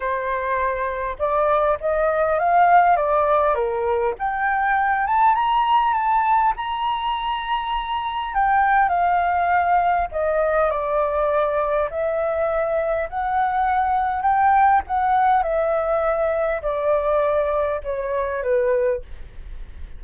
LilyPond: \new Staff \with { instrumentName = "flute" } { \time 4/4 \tempo 4 = 101 c''2 d''4 dis''4 | f''4 d''4 ais'4 g''4~ | g''8 a''8 ais''4 a''4 ais''4~ | ais''2 g''4 f''4~ |
f''4 dis''4 d''2 | e''2 fis''2 | g''4 fis''4 e''2 | d''2 cis''4 b'4 | }